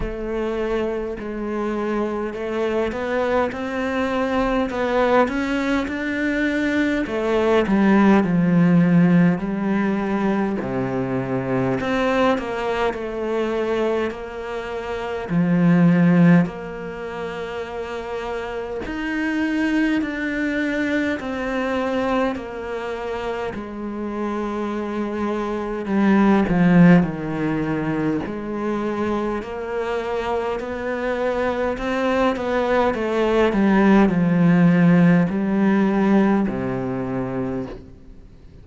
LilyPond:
\new Staff \with { instrumentName = "cello" } { \time 4/4 \tempo 4 = 51 a4 gis4 a8 b8 c'4 | b8 cis'8 d'4 a8 g8 f4 | g4 c4 c'8 ais8 a4 | ais4 f4 ais2 |
dis'4 d'4 c'4 ais4 | gis2 g8 f8 dis4 | gis4 ais4 b4 c'8 b8 | a8 g8 f4 g4 c4 | }